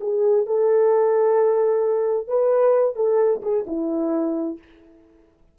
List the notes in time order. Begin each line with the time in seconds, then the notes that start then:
0.00 G#4
0.46 A4
2.27 B4
2.95 A4
3.42 G#4
3.66 E4